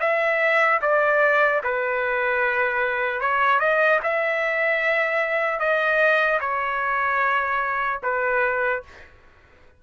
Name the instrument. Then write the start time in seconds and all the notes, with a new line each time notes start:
trumpet
0.00 E5
0.81 D5
1.64 B4
3.21 C#5
3.60 D#5
4.03 E5
5.60 D#5
6.40 C#5
8.03 B4